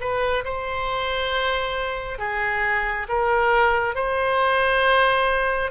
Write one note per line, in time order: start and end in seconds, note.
0.00 0.44 B4
0.45 2.19 C5
2.19 3.07 G#4
3.08 3.95 A#4
3.95 5.71 C5